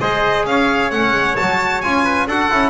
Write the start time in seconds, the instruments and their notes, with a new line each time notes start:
0.00 double bass G#3, trombone G#4, trumpet C5, violin D#5
0.45 double bass C#4, trumpet C#5, violin F5
0.91 double bass A3, trombone C#4, violin F#5
1.11 double bass G#3
1.36 double bass F#3, trombone F#4, violin A5
1.81 double bass C#4, trombone F4, violin G#5
2.04 trumpet B4
2.27 double bass D4, trombone F#4, trumpet A4, violin F#5
2.51 double bass C#4, trombone E4